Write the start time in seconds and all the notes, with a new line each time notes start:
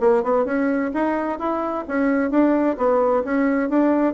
0.00 A#3
0.23 B3
0.45 C#4
0.94 D#4
1.39 E4
1.88 C#4
2.31 D4
2.77 B3
3.24 C#4
3.69 D4